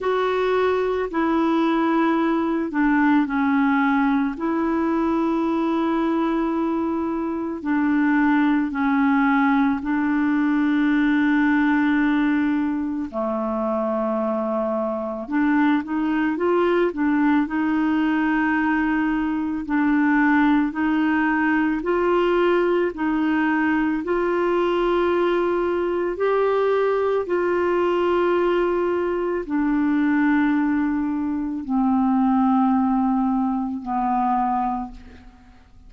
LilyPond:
\new Staff \with { instrumentName = "clarinet" } { \time 4/4 \tempo 4 = 55 fis'4 e'4. d'8 cis'4 | e'2. d'4 | cis'4 d'2. | a2 d'8 dis'8 f'8 d'8 |
dis'2 d'4 dis'4 | f'4 dis'4 f'2 | g'4 f'2 d'4~ | d'4 c'2 b4 | }